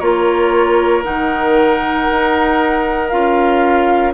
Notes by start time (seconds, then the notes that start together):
0.00 A#3 F4 A#4 C#5
1.04 D#3 D#4 F#5
2.10 D#4
3.09 C#4 F4 F5